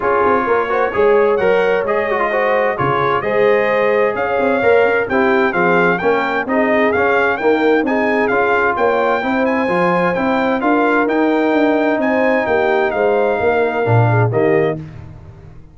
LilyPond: <<
  \new Staff \with { instrumentName = "trumpet" } { \time 4/4 \tempo 4 = 130 cis''2. fis''4 | dis''2 cis''4 dis''4~ | dis''4 f''2 g''4 | f''4 g''4 dis''4 f''4 |
g''4 gis''4 f''4 g''4~ | g''8 gis''4. g''4 f''4 | g''2 gis''4 g''4 | f''2. dis''4 | }
  \new Staff \with { instrumentName = "horn" } { \time 4/4 gis'4 ais'8 c''8 cis''2~ | cis''4 c''4 gis'4 c''4~ | c''4 cis''2 g'4 | gis'4 ais'4 gis'2 |
ais'4 gis'2 cis''4 | c''2. ais'4~ | ais'2 c''4 g'4 | c''4 ais'4. gis'8 g'4 | }
  \new Staff \with { instrumentName = "trombone" } { \time 4/4 f'4. fis'8 gis'4 ais'4 | gis'8 fis'16 f'16 fis'4 f'4 gis'4~ | gis'2 ais'4 e'4 | c'4 cis'4 dis'4 cis'4 |
ais4 dis'4 f'2 | e'4 f'4 e'4 f'4 | dis'1~ | dis'2 d'4 ais4 | }
  \new Staff \with { instrumentName = "tuba" } { \time 4/4 cis'8 c'8 ais4 gis4 fis4 | gis2 cis4 gis4~ | gis4 cis'8 c'8 ais8 cis'8 c'4 | f4 ais4 c'4 cis'4 |
dis'4 c'4 cis'4 ais4 | c'4 f4 c'4 d'4 | dis'4 d'4 c'4 ais4 | gis4 ais4 ais,4 dis4 | }
>>